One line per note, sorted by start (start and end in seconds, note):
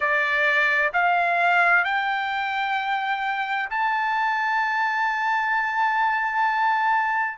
0.00 0.91 D5
0.93 1.84 F5
1.84 3.69 G5
3.70 7.38 A5